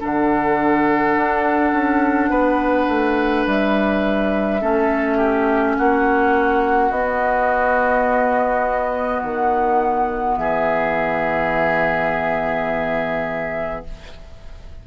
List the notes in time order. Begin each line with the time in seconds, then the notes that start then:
0.00 D3 D4 A4 F#5
1.16 D4
1.72 C#4
2.30 B3 B4
2.88 A3
3.45 G3 E5
4.61 A3 C#4 A4
5.17 G4
5.76 A#3 F#4 F#5
6.90 B3 D#5
9.22 D#3 F#5
10.37 E3 G#4 E5